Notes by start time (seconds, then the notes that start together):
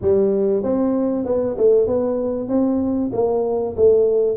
0.01 G3
0.63 C4
1.25 B3
1.57 A3
1.87 B3
2.48 C4
3.12 A#3
3.76 A3